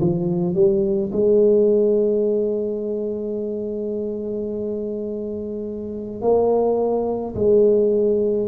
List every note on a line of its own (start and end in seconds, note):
0.00 0.54 F3
0.54 1.11 G3
1.12 6.21 G#3
6.21 7.34 A#3
7.35 8.48 G#3